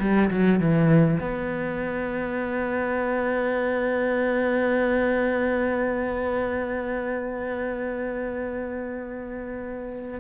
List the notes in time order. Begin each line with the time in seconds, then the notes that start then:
0.00 G3
0.31 F#3
0.60 E3
1.21 B3